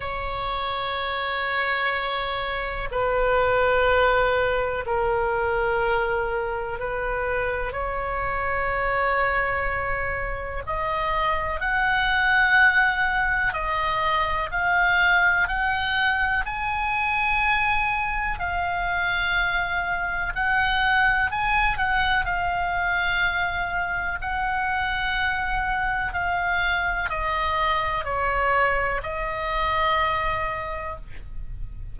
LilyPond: \new Staff \with { instrumentName = "oboe" } { \time 4/4 \tempo 4 = 62 cis''2. b'4~ | b'4 ais'2 b'4 | cis''2. dis''4 | fis''2 dis''4 f''4 |
fis''4 gis''2 f''4~ | f''4 fis''4 gis''8 fis''8 f''4~ | f''4 fis''2 f''4 | dis''4 cis''4 dis''2 | }